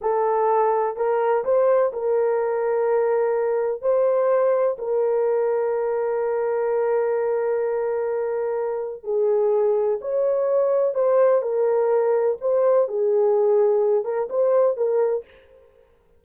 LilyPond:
\new Staff \with { instrumentName = "horn" } { \time 4/4 \tempo 4 = 126 a'2 ais'4 c''4 | ais'1 | c''2 ais'2~ | ais'1~ |
ais'2. gis'4~ | gis'4 cis''2 c''4 | ais'2 c''4 gis'4~ | gis'4. ais'8 c''4 ais'4 | }